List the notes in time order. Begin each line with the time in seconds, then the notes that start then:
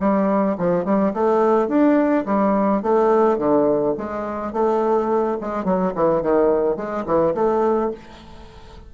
0.00 G3
0.58 F3
0.85 G3
1.13 A3
1.68 D4
2.26 G3
2.82 A3
3.38 D3
3.98 G#3
4.53 A3
5.41 G#3
5.64 F#3
5.95 E3
6.22 D#3
6.76 G#3
7.06 E3
7.34 A3